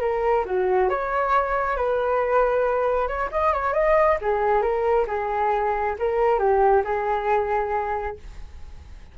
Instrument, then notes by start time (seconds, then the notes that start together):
flute
0.00 A#4
0.45 F#4
0.89 C#5
1.76 B4
3.07 C#5
3.31 D#5
3.52 C#5
3.73 D#5
4.21 G#4
4.61 A#4
5.07 G#4
5.98 A#4
6.39 G4
6.84 G#4